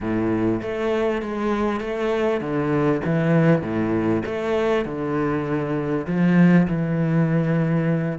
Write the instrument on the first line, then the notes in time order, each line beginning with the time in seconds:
cello
0.00 A2
0.62 A3
1.21 G#3
1.80 A3
2.40 D3
3.05 E3
3.62 A2
4.25 A3
4.85 D3
6.06 F3
6.67 E3